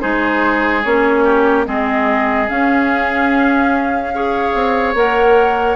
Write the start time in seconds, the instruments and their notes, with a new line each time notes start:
0.00 bassoon G#3, clarinet D#4, oboe G#4, flute C5
0.83 bassoon A#3, clarinet C#4, flute C#5
1.24 oboe G4
1.65 bassoon G#3, clarinet C4, oboe G#4, flute D#5
2.48 clarinet C#4, bassoon C#4, flute F5
4.13 clarinet G#4, oboe C#5
4.54 bassoon C4
4.94 bassoon A#3, clarinet A#4, flute F#5